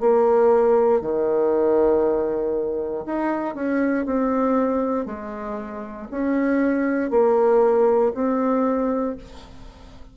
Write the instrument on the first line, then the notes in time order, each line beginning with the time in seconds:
bassoon
0.00 A#3
1.01 D#3
3.06 D#4
3.55 C#4
4.06 C4
5.06 G#3
6.11 C#4
7.10 A#3
8.14 C4